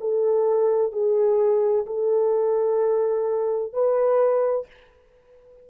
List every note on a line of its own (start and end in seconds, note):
0.00 0.92 A4
0.92 1.86 G#4
1.86 3.73 A4
3.73 4.67 B4